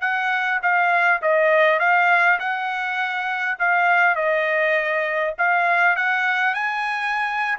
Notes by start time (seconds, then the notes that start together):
0.00 F#5
0.62 F5
1.21 D#5
1.79 F5
2.39 F#5
3.59 F5
4.15 D#5
5.38 F5
5.96 F#5
6.54 G#5